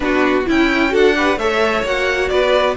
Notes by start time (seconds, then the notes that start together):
0.00 B3 D4 F#4 B4
0.45 C#4 E4 G5
0.89 D4 F#4 A4 F#5
1.15 G4 B4
1.36 A3 A4 C#5 E5
1.83 A#3 F#4 F#5
2.28 B3 B4 D5